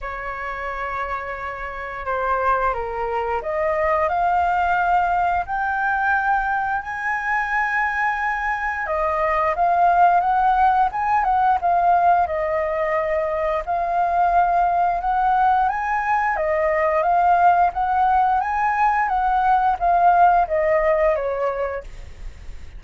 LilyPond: \new Staff \with { instrumentName = "flute" } { \time 4/4 \tempo 4 = 88 cis''2. c''4 | ais'4 dis''4 f''2 | g''2 gis''2~ | gis''4 dis''4 f''4 fis''4 |
gis''8 fis''8 f''4 dis''2 | f''2 fis''4 gis''4 | dis''4 f''4 fis''4 gis''4 | fis''4 f''4 dis''4 cis''4 | }